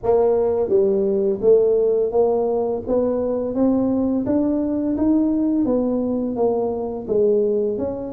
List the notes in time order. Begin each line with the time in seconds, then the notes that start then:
0.03 A#3
0.69 G3
1.41 A3
2.11 A#3
2.87 B3
3.55 C4
4.25 D4
4.97 D#4
5.65 B3
6.36 A#3
7.07 G#3
7.78 C#4